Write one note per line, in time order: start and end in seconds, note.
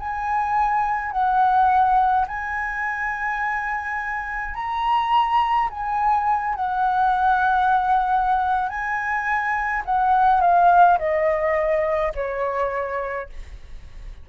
0.00 1.12 G#5
1.12 2.26 F#5
2.28 4.55 G#5
4.55 5.69 A#5
5.70 6.55 G#5
6.55 8.69 F#5
8.69 9.83 G#5
9.86 10.41 F#5
10.41 10.98 F5
10.99 12.13 D#5
12.15 13.30 C#5